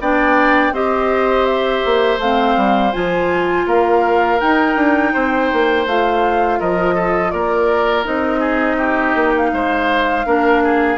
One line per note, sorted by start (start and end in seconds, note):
0.00 0.71 B3
0.00 0.73 D4
0.00 0.73 D5
0.00 0.74 G5
0.71 1.81 C4
0.71 2.20 G4
0.71 3.66 C5
0.71 1.45 D#5
1.45 2.18 E5
1.85 2.18 A#3
2.18 2.55 A3
2.18 2.92 C4
2.18 2.92 F5
2.56 2.93 G3
2.92 3.66 F3
2.92 4.39 F4
2.92 3.66 G#5
3.66 4.39 A#3
3.66 5.12 A#4
3.66 4.39 F5
4.39 5.86 D#4
4.39 4.76 D#4
4.39 5.86 G5
4.76 5.12 D4
5.12 5.52 C4
5.12 6.59 C5
5.52 5.86 A#3
5.86 6.59 A3
5.86 8.04 F4
5.86 6.60 F5
6.59 7.32 F3
6.59 6.94 A#4
6.59 7.30 D#5
6.94 7.31 A4
7.30 8.06 A#3
7.30 8.39 A#4
7.30 8.04 D5
8.04 9.15 C4
8.04 10.24 D#4
8.04 9.33 D#5
8.39 8.76 G#4
8.77 9.50 G4
9.15 9.51 A#3
9.36 10.98 F5
9.52 10.25 G#3
9.52 10.26 C5
10.25 10.98 A#3
10.25 10.98 D4
10.25 10.62 A#4
10.63 10.98 G#4